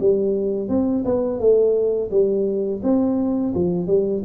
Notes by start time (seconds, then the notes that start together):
0.00 G3
0.69 C4
1.05 B3
1.40 A3
2.11 G3
2.83 C4
3.55 F3
3.88 G3